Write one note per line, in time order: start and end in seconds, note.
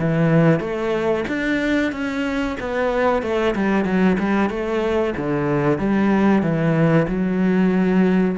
0.00 0.60 E3
0.60 1.25 A3
1.28 1.93 D4
1.93 2.57 C#4
2.60 3.23 B3
3.23 3.55 A3
3.56 3.85 G3
3.85 4.17 F#3
4.20 4.50 G3
4.50 5.15 A3
5.17 5.79 D3
5.79 6.43 G3
6.43 7.07 E3
7.09 8.38 F#3